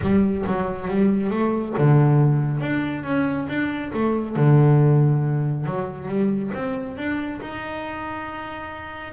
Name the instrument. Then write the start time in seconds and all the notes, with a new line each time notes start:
double bass
0.01 G3
0.46 F#3
0.88 G3
1.29 A3
1.78 D3
2.60 D4
3.03 C#4
3.48 D4
3.93 A3
4.36 D3
5.66 F#3
6.08 G3
6.54 C4
6.97 D4
7.41 D#4